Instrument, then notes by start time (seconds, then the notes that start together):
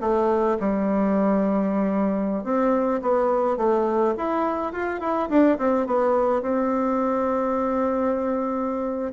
bassoon
0.00 A3
0.59 G3
2.44 C4
3.02 B3
3.57 A3
4.17 E4
4.72 F4
5.00 E4
5.29 D4
5.58 C4
5.86 B3
6.41 C4